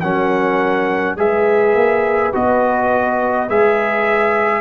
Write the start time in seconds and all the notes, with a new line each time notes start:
0.00 F#3 C#4 A#4 F#5
1.17 G#3 G#4 B4 E5
1.75 A#3
2.32 B3 F#4 D#5
3.49 G#3 G#4 E5